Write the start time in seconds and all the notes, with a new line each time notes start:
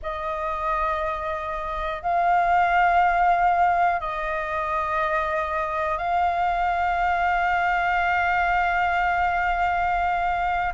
0.02 D#5
2.02 F5
4.00 D#5
5.97 F5